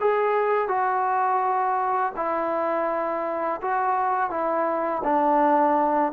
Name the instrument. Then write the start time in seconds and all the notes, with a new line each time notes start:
trombone
0.00 G#4
0.68 F#4
2.16 E4
3.61 F#4
4.30 E4
5.04 D4